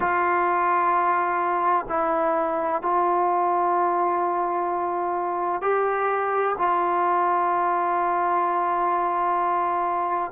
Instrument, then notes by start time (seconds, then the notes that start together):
trombone
0.00 F4
1.88 E4
2.81 F4
5.61 G4
6.58 F4